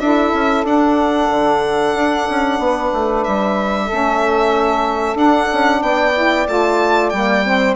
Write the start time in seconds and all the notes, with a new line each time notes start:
0.00 D4 E4 A4 E5
0.33 C#4
0.64 D4 F#5
1.30 D3
1.95 D4
2.29 C#4
2.59 B3 B4
2.93 A3
3.24 G3 E5
3.85 C#4 A4
3.92 A3
5.15 D4 F#5
5.52 C#4
5.81 B3 D5 G5
6.15 E4
6.47 A3 F4 A5
7.10 G3 A#3 G5
7.45 C4 C5